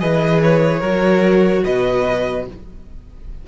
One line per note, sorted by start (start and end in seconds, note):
0.00 0.82 E3
0.00 0.82 G#4
0.00 0.80 B4
0.00 0.41 D#5
0.43 1.65 C#5
0.80 1.64 F#3
0.80 2.46 F#4
0.80 1.62 A#4
1.65 2.48 B2
1.65 2.47 B4
1.65 2.47 D#5